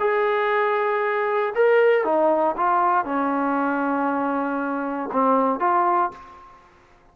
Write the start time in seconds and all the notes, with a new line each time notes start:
0.00 G#4
1.55 A#4
2.05 D#4
2.57 F4
3.05 C#4
5.13 C4
5.60 F4